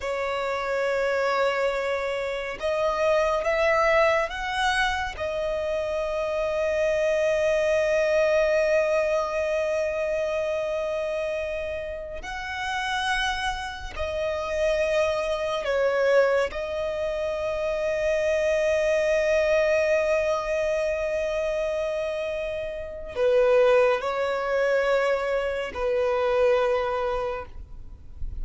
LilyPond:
\new Staff \with { instrumentName = "violin" } { \time 4/4 \tempo 4 = 70 cis''2. dis''4 | e''4 fis''4 dis''2~ | dis''1~ | dis''2~ dis''16 fis''4.~ fis''16~ |
fis''16 dis''2 cis''4 dis''8.~ | dis''1~ | dis''2. b'4 | cis''2 b'2 | }